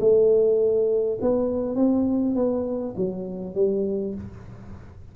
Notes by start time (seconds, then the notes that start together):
0.00 A3
1.21 B3
1.76 C4
2.35 B3
2.96 F#3
3.55 G3